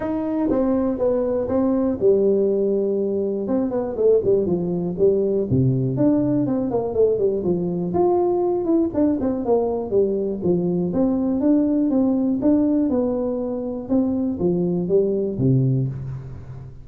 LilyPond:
\new Staff \with { instrumentName = "tuba" } { \time 4/4 \tempo 4 = 121 dis'4 c'4 b4 c'4 | g2. c'8 b8 | a8 g8 f4 g4 c4 | d'4 c'8 ais8 a8 g8 f4 |
f'4. e'8 d'8 c'8 ais4 | g4 f4 c'4 d'4 | c'4 d'4 b2 | c'4 f4 g4 c4 | }